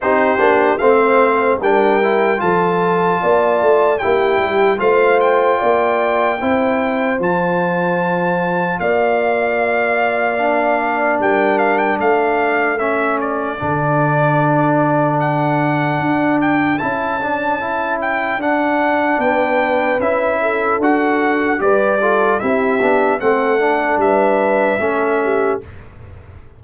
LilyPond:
<<
  \new Staff \with { instrumentName = "trumpet" } { \time 4/4 \tempo 4 = 75 c''4 f''4 g''4 a''4~ | a''4 g''4 f''8 g''4.~ | g''4 a''2 f''4~ | f''2 g''8 f''16 g''16 f''4 |
e''8 d''2~ d''8 fis''4~ | fis''8 g''8 a''4. g''8 fis''4 | g''4 e''4 fis''4 d''4 | e''4 fis''4 e''2 | }
  \new Staff \with { instrumentName = "horn" } { \time 4/4 g'4 c''4 ais'4 a'4 | d''4 g'4 c''4 d''4 | c''2. d''4~ | d''2 ais'4 a'4~ |
a'1~ | a'1 | b'4. a'4. b'8 a'8 | g'4 a'4 b'4 a'8 g'8 | }
  \new Staff \with { instrumentName = "trombone" } { \time 4/4 dis'8 d'8 c'4 d'8 e'8 f'4~ | f'4 e'4 f'2 | e'4 f'2.~ | f'4 d'2. |
cis'4 d'2.~ | d'4 e'8 d'8 e'4 d'4~ | d'4 e'4 fis'4 g'8 f'8 | e'8 d'8 c'8 d'4. cis'4 | }
  \new Staff \with { instrumentName = "tuba" } { \time 4/4 c'8 ais8 a4 g4 f4 | ais8 a8 ais8 g8 a4 ais4 | c'4 f2 ais4~ | ais2 g4 a4~ |
a4 d2. | d'4 cis'2 d'4 | b4 cis'4 d'4 g4 | c'8 b8 a4 g4 a4 | }
>>